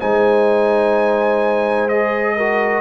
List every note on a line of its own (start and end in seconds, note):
0.00 2.82 G#3
0.00 1.90 D#4
0.00 2.37 C5
0.00 1.89 G#5
1.89 2.38 G#4
1.89 2.82 D#5
2.37 2.82 F#4
2.37 2.82 A#4